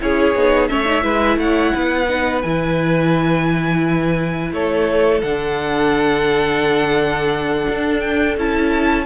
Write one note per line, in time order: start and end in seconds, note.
0.00 0.35 C#4
0.00 0.35 E4
0.00 0.71 G#4
0.00 0.69 C#5
0.35 0.70 B3
0.35 0.69 D#4
0.69 1.04 A3
0.69 0.85 C#4
0.69 1.04 C#5
0.69 1.38 E5
0.85 1.02 D#4
1.02 1.37 G#3
1.02 2.06 E4
1.02 1.39 B4
1.37 1.72 A3
1.37 1.74 C#5
1.37 2.42 F#5
1.74 2.44 B3
1.74 4.53 B4
2.08 2.43 D#4
2.42 4.52 E3
2.42 5.24 E4
2.42 4.51 G#5
4.52 5.22 A3
4.52 9.06 A4
4.52 5.22 C#5
5.22 7.67 D3
5.22 8.38 D4
5.22 8.00 F#5
7.69 8.37 D4
8.00 8.35 G5
8.37 9.06 C#4
8.37 9.06 E4
8.37 9.06 A5